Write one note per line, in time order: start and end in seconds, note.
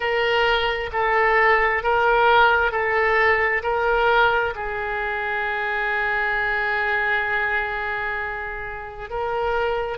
0.00 0.90 A#4
0.92 1.83 A4
1.83 2.71 A#4
2.71 3.62 A4
3.62 4.53 A#4
4.55 9.10 G#4
9.10 9.98 A#4